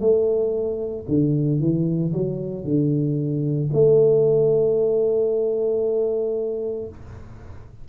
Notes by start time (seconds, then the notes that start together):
0.00 A3
1.08 D3
1.60 E3
2.13 F#3
2.64 D3
3.73 A3